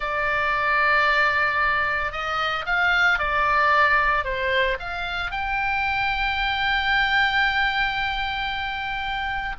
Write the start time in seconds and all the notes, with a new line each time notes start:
0.00 D5
2.11 D#5
2.65 F5
3.18 D5
4.24 C5
4.79 F5
5.31 G5